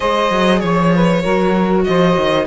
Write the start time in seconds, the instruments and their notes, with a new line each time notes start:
0.00 cello G#3, viola G#4, saxophone C5, violin D#5
0.30 cello F#3
0.60 cello F3, violin C#5, saxophone C#5
0.94 saxophone B4
1.22 cello F#3, viola F#4, saxophone A#4
1.84 cello F3, saxophone C5, violin D#5
2.16 cello D#3